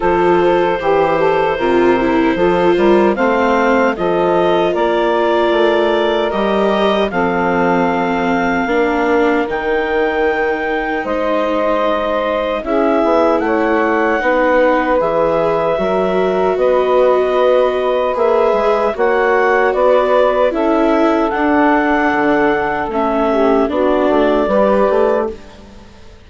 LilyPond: <<
  \new Staff \with { instrumentName = "clarinet" } { \time 4/4 \tempo 4 = 76 c''1 | f''4 dis''4 d''2 | dis''4 f''2. | g''2 dis''2 |
e''4 fis''2 e''4~ | e''4 dis''2 e''4 | fis''4 d''4 e''4 fis''4~ | fis''4 e''4 d''2 | }
  \new Staff \with { instrumentName = "saxophone" } { \time 4/4 a'4 g'8 a'8 ais'4 a'8 ais'8 | c''4 a'4 ais'2~ | ais'4 a'2 ais'4~ | ais'2 c''2 |
gis'4 cis''4 b'2 | ais'4 b'2. | cis''4 b'4 a'2~ | a'4. g'8 fis'4 b'4 | }
  \new Staff \with { instrumentName = "viola" } { \time 4/4 f'4 g'4 f'8 e'8 f'4 | c'4 f'2. | g'4 c'2 d'4 | dis'1 |
e'2 dis'4 gis'4 | fis'2. gis'4 | fis'2 e'4 d'4~ | d'4 cis'4 d'4 g'4 | }
  \new Staff \with { instrumentName = "bassoon" } { \time 4/4 f4 e4 c4 f8 g8 | a4 f4 ais4 a4 | g4 f2 ais4 | dis2 gis2 |
cis'8 b8 a4 b4 e4 | fis4 b2 ais8 gis8 | ais4 b4 cis'4 d'4 | d4 a4 b8 a8 g8 a8 | }
>>